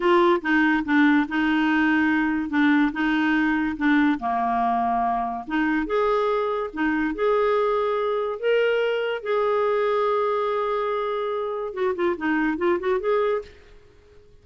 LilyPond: \new Staff \with { instrumentName = "clarinet" } { \time 4/4 \tempo 4 = 143 f'4 dis'4 d'4 dis'4~ | dis'2 d'4 dis'4~ | dis'4 d'4 ais2~ | ais4 dis'4 gis'2 |
dis'4 gis'2. | ais'2 gis'2~ | gis'1 | fis'8 f'8 dis'4 f'8 fis'8 gis'4 | }